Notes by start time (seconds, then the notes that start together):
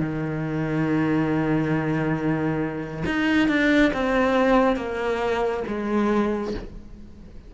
0.00 D#3
3.06 D#4
3.49 D4
3.94 C4
4.76 A#3
5.68 G#3